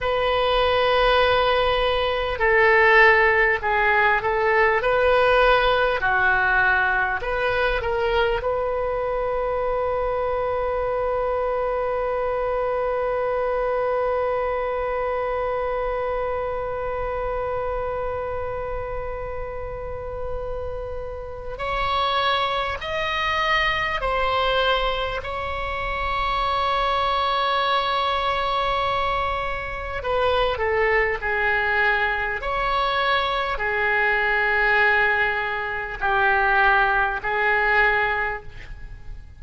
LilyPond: \new Staff \with { instrumentName = "oboe" } { \time 4/4 \tempo 4 = 50 b'2 a'4 gis'8 a'8 | b'4 fis'4 b'8 ais'8 b'4~ | b'1~ | b'1~ |
b'2 cis''4 dis''4 | c''4 cis''2.~ | cis''4 b'8 a'8 gis'4 cis''4 | gis'2 g'4 gis'4 | }